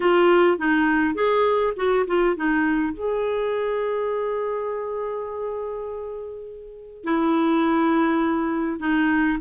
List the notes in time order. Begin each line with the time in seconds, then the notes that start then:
0.00 F4
0.58 D#4
1.14 G#4
1.76 F#4
2.07 F4
2.36 D#4
2.93 G#4
7.04 E4
8.79 D#4